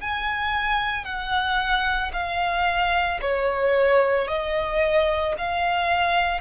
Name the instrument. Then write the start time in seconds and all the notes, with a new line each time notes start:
violin
0.00 G#5
1.05 F#5
2.13 F5
3.21 C#5
4.28 D#5
5.38 F5